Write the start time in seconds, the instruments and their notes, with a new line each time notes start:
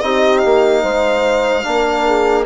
0.00 bassoon C4, trombone D#4, horn G4, violin D#5
0.38 violin F5
0.44 bassoon A#3
0.82 bassoon G#3, horn C5
1.63 bassoon A#3, trombone D4, horn A#4
2.06 horn G#4